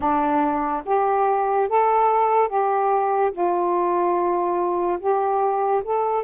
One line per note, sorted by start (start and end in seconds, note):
0.00 0.83 D4
0.85 1.68 G4
1.69 2.48 A4
2.48 3.31 G4
3.31 4.98 F4
4.99 5.83 G4
5.83 6.23 A4